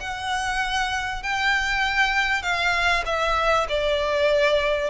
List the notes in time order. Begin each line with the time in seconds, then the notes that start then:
0.00 F#5
1.23 G5
2.42 F5
3.05 E5
3.69 D5